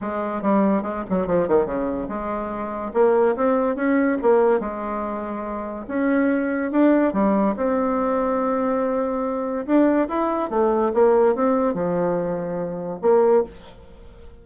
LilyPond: \new Staff \with { instrumentName = "bassoon" } { \time 4/4 \tempo 4 = 143 gis4 g4 gis8 fis8 f8 dis8 | cis4 gis2 ais4 | c'4 cis'4 ais4 gis4~ | gis2 cis'2 |
d'4 g4 c'2~ | c'2. d'4 | e'4 a4 ais4 c'4 | f2. ais4 | }